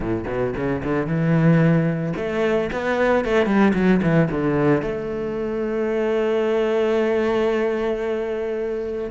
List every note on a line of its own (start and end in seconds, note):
0.00 0.24 A2
0.27 0.54 B2
0.56 0.83 C#3
0.83 1.06 D3
1.06 2.13 E3
2.16 2.69 A3
2.72 3.24 B3
3.24 3.46 A3
3.46 3.72 G3
3.74 4.00 F#3
4.02 4.29 E3
4.30 4.81 D3
4.81 9.10 A3